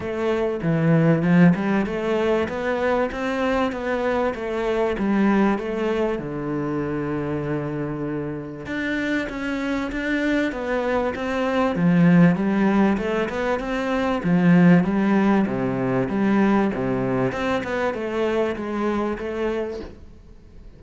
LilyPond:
\new Staff \with { instrumentName = "cello" } { \time 4/4 \tempo 4 = 97 a4 e4 f8 g8 a4 | b4 c'4 b4 a4 | g4 a4 d2~ | d2 d'4 cis'4 |
d'4 b4 c'4 f4 | g4 a8 b8 c'4 f4 | g4 c4 g4 c4 | c'8 b8 a4 gis4 a4 | }